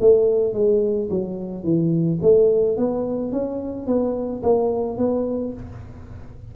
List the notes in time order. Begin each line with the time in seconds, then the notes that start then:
0.00 A3
0.53 G#3
1.10 F#3
1.63 E3
2.21 A3
2.77 B3
3.32 C#4
3.86 B3
4.42 A#3
4.97 B3